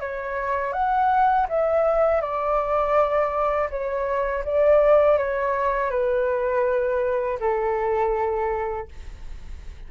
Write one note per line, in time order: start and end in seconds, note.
0.00 0.73 C#5
0.73 1.47 F#5
1.49 2.21 E5
2.21 3.69 D5
3.70 4.44 C#5
4.45 5.18 D5
5.18 5.91 C#5
5.91 7.39 B4
7.40 8.89 A4